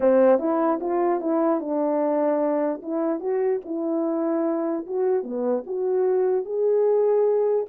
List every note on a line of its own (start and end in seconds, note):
0.00 0.39 C4
0.39 0.79 E4
0.80 1.20 F4
1.20 1.60 E4
1.60 2.81 D4
2.82 3.20 E4
3.20 3.60 F#4
3.65 4.86 E4
4.86 5.23 F#4
5.23 5.63 B3
5.66 6.45 F#4
6.45 7.65 G#4